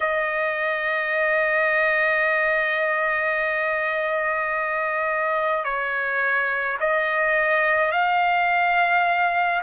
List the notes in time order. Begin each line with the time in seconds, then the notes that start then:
0.00 D#5
5.64 C#5
6.79 D#5
7.91 F5